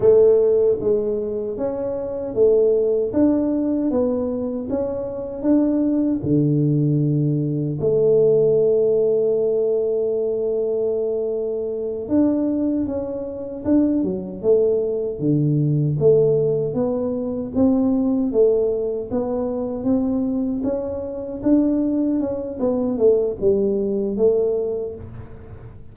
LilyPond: \new Staff \with { instrumentName = "tuba" } { \time 4/4 \tempo 4 = 77 a4 gis4 cis'4 a4 | d'4 b4 cis'4 d'4 | d2 a2~ | a2.~ a8 d'8~ |
d'8 cis'4 d'8 fis8 a4 d8~ | d8 a4 b4 c'4 a8~ | a8 b4 c'4 cis'4 d'8~ | d'8 cis'8 b8 a8 g4 a4 | }